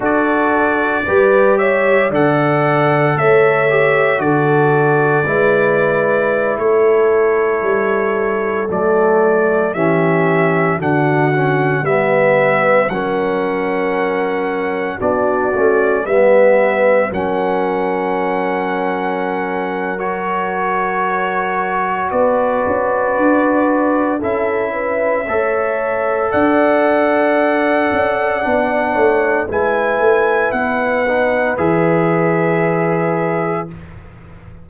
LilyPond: <<
  \new Staff \with { instrumentName = "trumpet" } { \time 4/4 \tempo 4 = 57 d''4. e''8 fis''4 e''4 | d''2~ d''16 cis''4.~ cis''16~ | cis''16 d''4 e''4 fis''4 e''8.~ | e''16 fis''2 d''4 e''8.~ |
e''16 fis''2~ fis''8. cis''4~ | cis''4 d''2 e''4~ | e''4 fis''2. | gis''4 fis''4 e''2 | }
  \new Staff \with { instrumentName = "horn" } { \time 4/4 a'4 b'8 cis''8 d''4 cis''4 | a'4 b'4~ b'16 a'4.~ a'16~ | a'4~ a'16 g'4 fis'4 b'8.~ | b'16 ais'2 fis'4 b'8.~ |
b'16 ais'2.~ ais'8.~ | ais'4 b'2 a'8 b'8 | cis''4 d''2~ d''8 cis''8 | b'1 | }
  \new Staff \with { instrumentName = "trombone" } { \time 4/4 fis'4 g'4 a'4. g'8 | fis'4 e'2.~ | e'16 a4 cis'4 d'8 cis'8 b8.~ | b16 cis'2 d'8 cis'8 b8.~ |
b16 cis'2~ cis'8. fis'4~ | fis'2. e'4 | a'2. d'4 | e'4. dis'8 gis'2 | }
  \new Staff \with { instrumentName = "tuba" } { \time 4/4 d'4 g4 d4 a4 | d4 gis4~ gis16 a4 g8.~ | g16 fis4 e4 d4 g8.~ | g16 fis2 b8 a8 g8.~ |
g16 fis2.~ fis8.~ | fis4 b8 cis'8 d'4 cis'4 | a4 d'4. cis'8 b8 a8 | gis8 a8 b4 e2 | }
>>